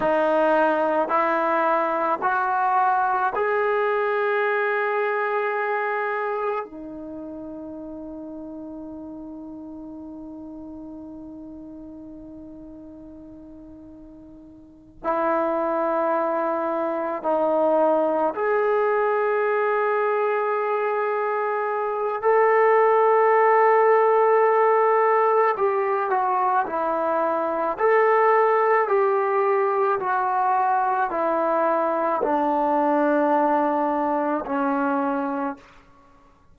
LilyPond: \new Staff \with { instrumentName = "trombone" } { \time 4/4 \tempo 4 = 54 dis'4 e'4 fis'4 gis'4~ | gis'2 dis'2~ | dis'1~ | dis'4. e'2 dis'8~ |
dis'8 gis'2.~ gis'8 | a'2. g'8 fis'8 | e'4 a'4 g'4 fis'4 | e'4 d'2 cis'4 | }